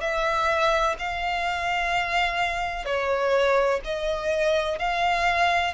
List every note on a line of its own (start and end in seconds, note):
0.00 0.95 E5
0.98 2.85 F5
2.85 3.80 C#5
3.84 4.78 D#5
4.78 5.74 F5